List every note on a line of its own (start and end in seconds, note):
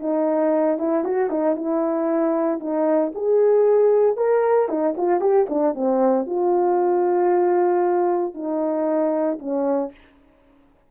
0.00 0.78 D#4
0.78 1.04 E4
1.04 1.30 F#4
1.30 1.56 D#4
1.56 2.60 E4
2.60 3.12 D#4
3.15 4.17 G#4
4.17 4.69 A#4
4.69 4.95 D#4
4.97 5.21 F4
5.21 5.47 G4
5.50 5.75 D4
5.75 6.26 C4
6.26 8.34 F4
8.34 9.39 D#4
9.39 9.91 C#4